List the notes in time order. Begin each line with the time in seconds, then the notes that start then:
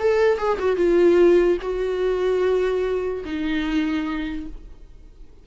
0.00 A4
0.38 G#4
0.59 F#4
0.77 F4
1.62 F#4
3.25 D#4